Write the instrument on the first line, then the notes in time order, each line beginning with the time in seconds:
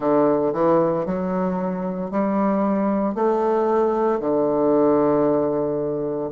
bassoon
0.00 D3
0.53 E3
1.05 F#3
2.11 G3
3.14 A3
4.20 D3